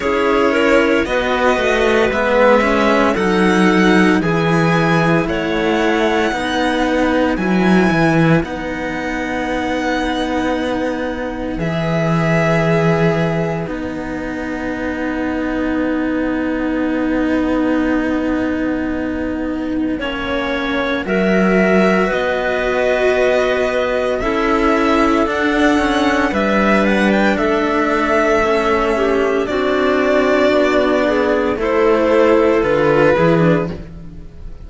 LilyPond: <<
  \new Staff \with { instrumentName = "violin" } { \time 4/4 \tempo 4 = 57 cis''4 dis''4 e''4 fis''4 | gis''4 fis''2 gis''4 | fis''2. e''4~ | e''4 fis''2.~ |
fis''1 | e''4 dis''2 e''4 | fis''4 e''8 fis''16 g''16 e''2 | d''2 c''4 b'4 | }
  \new Staff \with { instrumentName = "clarinet" } { \time 4/4 gis'8 ais'8 b'2 a'4 | gis'4 cis''4 b'2~ | b'1~ | b'1~ |
b'2. cis''4 | ais'4 b'2 a'4~ | a'4 b'4 a'4. g'8 | fis'4. gis'8 a'4. gis'8 | }
  \new Staff \with { instrumentName = "cello" } { \time 4/4 e'4 fis'4 b8 cis'8 dis'4 | e'2 dis'4 e'4 | dis'2. gis'4~ | gis'4 dis'2.~ |
dis'2. cis'4 | fis'2. e'4 | d'8 cis'8 d'2 cis'4 | d'2 e'4 f'8 e'16 d'16 | }
  \new Staff \with { instrumentName = "cello" } { \time 4/4 cis'4 b8 a8 gis4 fis4 | e4 a4 b4 fis8 e8 | b2. e4~ | e4 b2.~ |
b2. ais4 | fis4 b2 cis'4 | d'4 g4 a2 | c'4 b4 a4 d8 e8 | }
>>